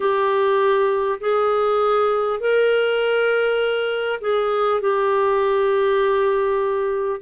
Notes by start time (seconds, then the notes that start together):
0.00 G4
1.20 G#4
2.39 A#4
4.21 G#4
4.81 G4